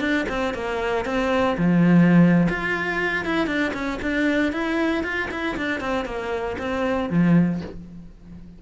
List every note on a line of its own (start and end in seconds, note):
0.00 0.26 D4
0.28 0.54 C4
0.54 1.05 A#3
1.05 1.56 C4
1.58 2.47 F3
2.49 3.25 F4
3.25 3.46 E4
3.46 3.72 D4
3.73 3.99 C#4
4.02 4.52 D4
4.52 5.03 E4
5.03 5.29 F4
5.31 5.56 E4
5.57 5.80 D4
5.80 6.05 C4
6.05 6.56 A#3
6.58 7.09 C4
7.10 7.61 F3